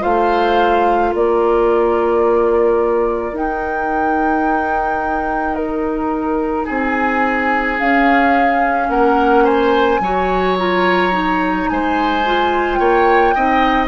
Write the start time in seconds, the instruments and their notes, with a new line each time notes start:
0.00 bassoon A3, clarinet F4, oboe C5, flute F5
1.11 bassoon A#3, oboe A#4, flute D5
3.32 bassoon D#4, clarinet D#4, flute G5
5.55 flute A#4
6.65 bassoon C4, oboe G#4, flute G#5
7.78 clarinet C#4, bassoon C#4, flute F5
8.88 bassoon A#3, oboe A#4, flute F#5
9.44 oboe C5, flute G#5
9.99 bassoon F#3, clarinet F#4, oboe C#5
10.58 clarinet F4, flute A#5
11.11 clarinet D#4
11.69 bassoon G#3, oboe C5, flute G#5
12.25 clarinet F4
12.75 bassoon A#3, oboe C#5, flute G5
13.34 bassoon C4, clarinet D#4, oboe D#5